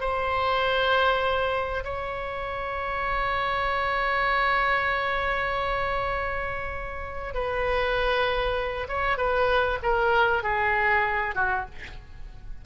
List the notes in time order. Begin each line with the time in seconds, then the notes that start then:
0.00 C5
1.84 C#5
7.34 B4
8.88 C#5
9.17 B4
9.82 A#4
10.43 G#4
11.35 F#4